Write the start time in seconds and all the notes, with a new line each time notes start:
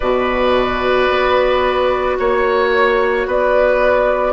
0.00 B2 F#4 B4 D5
1.09 B3
2.19 A#3 C#5
3.26 B3 B4 D5